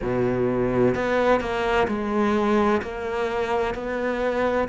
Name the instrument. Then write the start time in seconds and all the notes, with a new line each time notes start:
cello
0.02 B2
0.94 B3
1.40 A#3
1.87 G#3
2.82 A#3
3.74 B3